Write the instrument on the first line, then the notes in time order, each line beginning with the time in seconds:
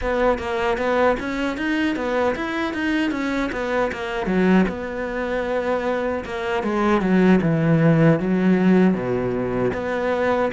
cello
0.01 B3
0.38 A#3
0.77 B3
1.19 C#4
1.57 D#4
1.96 B3
2.35 E4
2.73 D#4
3.11 C#4
3.52 B3
3.92 A#3
4.26 F#3
4.68 B3
6.24 A#3
6.63 G#3
7.01 F#3
7.41 E3
8.19 F#3
8.94 B2
9.73 B3